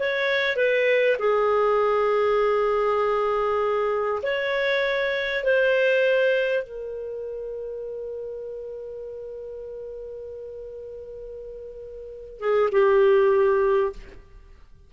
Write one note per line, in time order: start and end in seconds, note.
0.00 0.57 C#5
0.57 1.17 B4
1.20 4.23 G#4
4.23 5.44 C#5
5.44 6.64 C5
6.64 12.40 A#4
12.40 12.70 G#4
12.72 13.93 G4